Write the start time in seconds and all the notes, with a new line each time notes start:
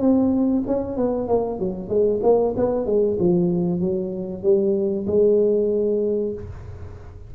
0.00 C4
0.67 C#4
0.96 B3
1.28 A#3
1.59 F#3
1.89 G#3
2.22 A#3
2.56 B3
2.86 G#3
3.19 F3
3.80 F#3
4.42 G3
5.07 G#3